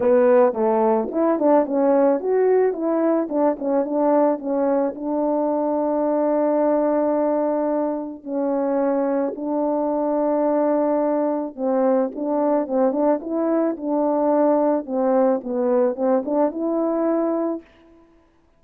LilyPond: \new Staff \with { instrumentName = "horn" } { \time 4/4 \tempo 4 = 109 b4 a4 e'8 d'8 cis'4 | fis'4 e'4 d'8 cis'8 d'4 | cis'4 d'2.~ | d'2. cis'4~ |
cis'4 d'2.~ | d'4 c'4 d'4 c'8 d'8 | e'4 d'2 c'4 | b4 c'8 d'8 e'2 | }